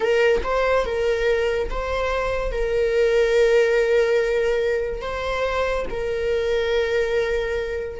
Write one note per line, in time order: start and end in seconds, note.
0.00 0.41 A#4
0.43 0.85 C5
0.85 1.69 A#4
1.69 2.51 C5
2.51 5.01 A#4
5.01 5.85 C5
5.90 7.99 A#4